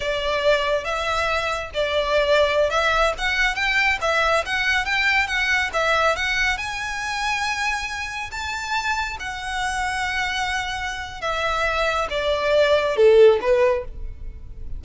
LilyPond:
\new Staff \with { instrumentName = "violin" } { \time 4/4 \tempo 4 = 139 d''2 e''2 | d''2~ d''16 e''4 fis''8.~ | fis''16 g''4 e''4 fis''4 g''8.~ | g''16 fis''4 e''4 fis''4 gis''8.~ |
gis''2.~ gis''16 a''8.~ | a''4~ a''16 fis''2~ fis''8.~ | fis''2 e''2 | d''2 a'4 b'4 | }